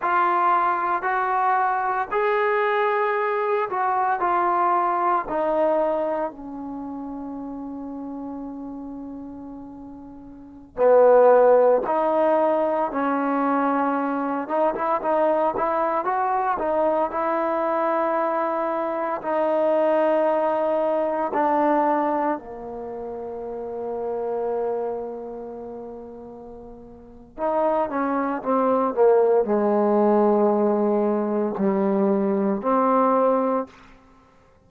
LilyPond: \new Staff \with { instrumentName = "trombone" } { \time 4/4 \tempo 4 = 57 f'4 fis'4 gis'4. fis'8 | f'4 dis'4 cis'2~ | cis'2~ cis'16 b4 dis'8.~ | dis'16 cis'4. dis'16 e'16 dis'8 e'8 fis'8 dis'16~ |
dis'16 e'2 dis'4.~ dis'16~ | dis'16 d'4 ais2~ ais8.~ | ais2 dis'8 cis'8 c'8 ais8 | gis2 g4 c'4 | }